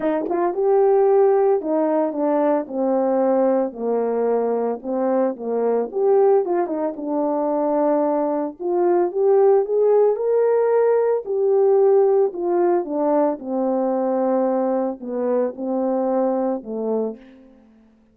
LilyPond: \new Staff \with { instrumentName = "horn" } { \time 4/4 \tempo 4 = 112 dis'8 f'8 g'2 dis'4 | d'4 c'2 ais4~ | ais4 c'4 ais4 g'4 | f'8 dis'8 d'2. |
f'4 g'4 gis'4 ais'4~ | ais'4 g'2 f'4 | d'4 c'2. | b4 c'2 a4 | }